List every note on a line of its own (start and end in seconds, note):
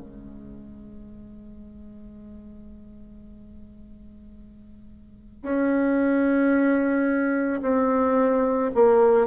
0.00 5.43 G#3
5.43 7.61 C#4
7.62 8.71 C4
8.75 9.27 A#3